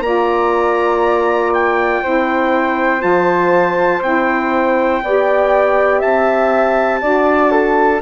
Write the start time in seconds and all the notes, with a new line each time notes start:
0.00 A#3 F4 D5 A#5
1.54 G5
2.03 C4 E4 C5
2.99 F3 F4 A5
4.02 C4 E4 G5
5.03 B3 G4 D5
5.99 C4 E5 A5
7.01 D4 F#4 D5
7.51 A4